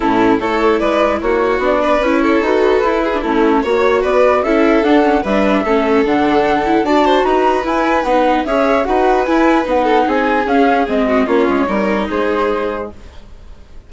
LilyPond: <<
  \new Staff \with { instrumentName = "flute" } { \time 4/4 \tempo 4 = 149 a'4 cis''4 d''4 cis''4 | d''4 cis''4 b'2 | a'4 cis''4 d''4 e''4 | fis''4 e''2 fis''4~ |
fis''4 a''4 ais''4 gis''4 | fis''4 e''4 fis''4 gis''4 | fis''4 gis''4 f''4 dis''4 | cis''2 c''2 | }
  \new Staff \with { instrumentName = "violin" } { \time 4/4 e'4 a'4 b'4 fis'4~ | fis'8 b'4 a'2 gis'8 | e'4 cis''4 b'4 a'4~ | a'4 b'4 a'2~ |
a'4 d''8 c''8 b'2~ | b'4 cis''4 b'2~ | b'8 a'8 gis'2~ gis'8 fis'8 | f'4 ais'4 gis'2 | }
  \new Staff \with { instrumentName = "viola" } { \time 4/4 cis'4 e'2. | d'4 e'4 fis'4 e'8. d'16 | cis'4 fis'2 e'4 | d'8 cis'8 d'4 cis'4 d'4~ |
d'8 e'8 fis'2 e'4 | dis'4 gis'4 fis'4 e'4 | dis'2 cis'4 c'4 | cis'4 dis'2. | }
  \new Staff \with { instrumentName = "bassoon" } { \time 4/4 a,4 a4 gis4 ais4 | b4 cis'4 dis'4 e'4 | a4 ais4 b4 cis'4 | d'4 g4 a4 d4~ |
d4 d'4 dis'4 e'4 | b4 cis'4 dis'4 e'4 | b4 c'4 cis'4 gis4 | ais8 gis8 g4 gis2 | }
>>